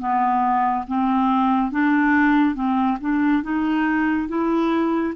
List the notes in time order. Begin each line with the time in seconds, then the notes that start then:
0.00 B3
0.88 C4
1.72 D4
2.56 C4
3.01 D4
3.44 D#4
4.29 E4